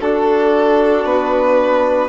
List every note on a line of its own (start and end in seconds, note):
0.00 1.04 D4
0.00 2.09 D4
0.00 2.09 F#4
0.00 1.05 A4
1.04 2.09 B3
1.04 2.09 B4